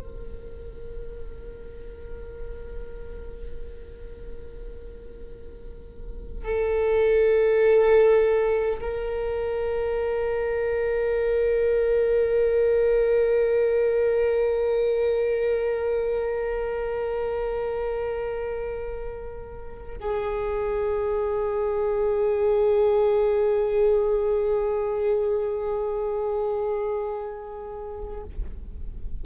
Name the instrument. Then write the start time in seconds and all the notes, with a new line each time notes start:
viola
0.00 A#4
6.45 A4
8.81 A#4
20.01 G#4